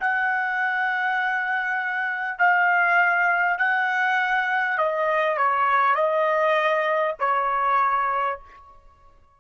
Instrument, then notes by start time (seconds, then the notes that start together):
trumpet
0.00 F#5
2.38 F5
3.58 F#5
4.78 D#5
5.37 C#5
5.95 D#5
7.19 C#5